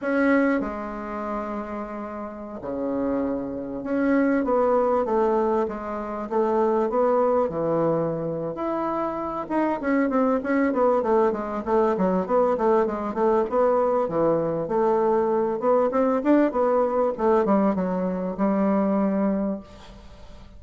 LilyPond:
\new Staff \with { instrumentName = "bassoon" } { \time 4/4 \tempo 4 = 98 cis'4 gis2.~ | gis16 cis2 cis'4 b8.~ | b16 a4 gis4 a4 b8.~ | b16 e4.~ e16 e'4. dis'8 |
cis'8 c'8 cis'8 b8 a8 gis8 a8 fis8 | b8 a8 gis8 a8 b4 e4 | a4. b8 c'8 d'8 b4 | a8 g8 fis4 g2 | }